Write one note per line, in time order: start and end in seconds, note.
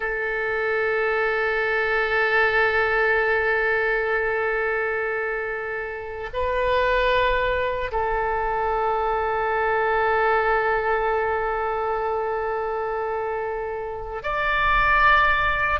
0.00 6.29 A4
6.33 7.91 B4
7.91 14.22 A4
14.22 15.79 D5